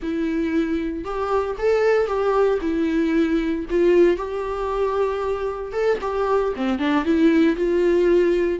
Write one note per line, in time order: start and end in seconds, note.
0.02 1.04 E4
1.04 1.56 G4
1.58 2.06 A4
2.06 2.58 G4
2.61 3.65 E4
3.69 4.16 F4
4.16 5.72 G4
5.72 5.98 A4
6.01 6.53 G4
6.55 6.78 C4
6.78 7.04 D4
7.04 7.55 E4
7.55 8.59 F4